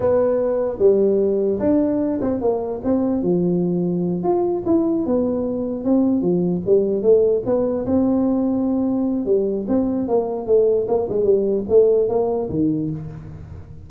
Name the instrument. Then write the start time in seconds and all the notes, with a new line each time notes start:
tuba
0.00 B3
0.78 G3
1.59 D4
2.21 C4
2.41 A#3
2.84 C4
3.22 F3
4.23 F4
4.65 E4
5.06 B3
5.84 C4
6.21 F3
6.66 G3
7.02 A3
7.45 B3
7.85 C4
9.25 G3
9.68 C4
10.08 A#3
10.46 A3
10.87 A#3
11.09 G#3
11.23 G3
11.69 A3
12.08 A#3
12.49 D#3